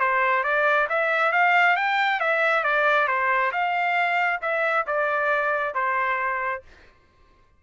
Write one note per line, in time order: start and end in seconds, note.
0.00 0.43 C5
0.43 0.87 D5
0.89 1.32 E5
1.32 1.76 F5
1.76 2.20 G5
2.20 2.64 E5
2.64 3.07 D5
3.07 3.51 C5
3.52 4.40 F5
4.41 4.85 E5
4.86 5.74 D5
5.74 6.62 C5